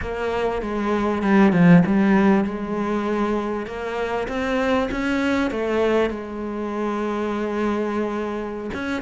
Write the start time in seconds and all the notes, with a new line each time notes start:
0.01 A#3
0.62 G#3
1.22 G3
1.52 F3
1.86 G3
2.44 G#3
3.66 A#3
4.27 C4
4.91 C#4
5.50 A3
6.10 G#3
8.73 C#4